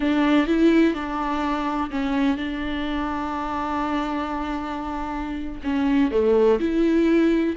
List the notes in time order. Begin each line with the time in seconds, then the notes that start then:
0.00 D4
0.46 E4
0.94 D4
1.90 C#4
2.37 D4
5.63 C#4
6.11 A3
6.59 E4